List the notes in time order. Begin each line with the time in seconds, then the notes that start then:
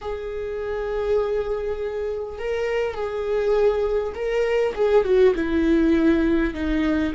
0.01 G#4
2.38 A#4
2.94 G#4
4.14 A#4
4.74 G#4
5.04 F#4
5.35 E4
6.53 D#4